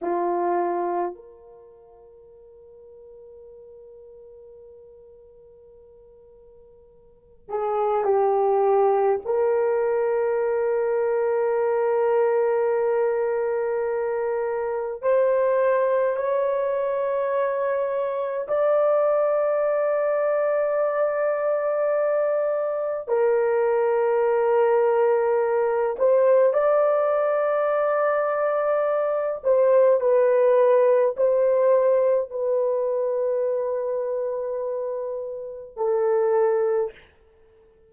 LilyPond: \new Staff \with { instrumentName = "horn" } { \time 4/4 \tempo 4 = 52 f'4 ais'2.~ | ais'2~ ais'8 gis'8 g'4 | ais'1~ | ais'4 c''4 cis''2 |
d''1 | ais'2~ ais'8 c''8 d''4~ | d''4. c''8 b'4 c''4 | b'2. a'4 | }